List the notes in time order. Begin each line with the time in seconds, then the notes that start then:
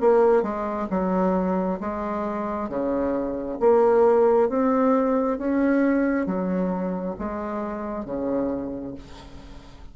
0.00 A#3
0.43 G#3
0.90 F#3
1.80 G#3
2.69 C#3
3.60 A#3
4.49 C4
5.38 C#4
6.26 F#3
7.19 G#3
8.05 C#3